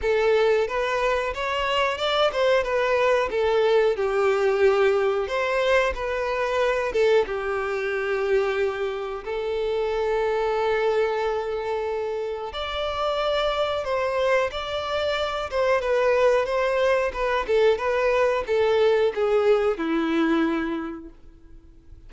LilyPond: \new Staff \with { instrumentName = "violin" } { \time 4/4 \tempo 4 = 91 a'4 b'4 cis''4 d''8 c''8 | b'4 a'4 g'2 | c''4 b'4. a'8 g'4~ | g'2 a'2~ |
a'2. d''4~ | d''4 c''4 d''4. c''8 | b'4 c''4 b'8 a'8 b'4 | a'4 gis'4 e'2 | }